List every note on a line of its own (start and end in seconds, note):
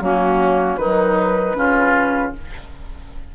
0.00 0.77 F#3
0.00 0.79 A#3
0.00 0.80 C#4
0.00 0.77 F#4
0.77 1.55 D#3
0.77 1.55 F#3
0.77 1.57 D#4
0.77 2.33 B4
1.55 2.34 C#3
1.55 2.32 C#4
1.55 2.35 F4